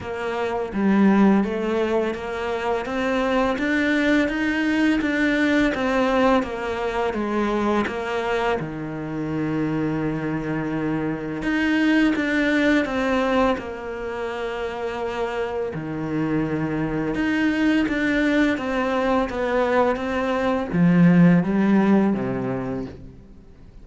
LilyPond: \new Staff \with { instrumentName = "cello" } { \time 4/4 \tempo 4 = 84 ais4 g4 a4 ais4 | c'4 d'4 dis'4 d'4 | c'4 ais4 gis4 ais4 | dis1 |
dis'4 d'4 c'4 ais4~ | ais2 dis2 | dis'4 d'4 c'4 b4 | c'4 f4 g4 c4 | }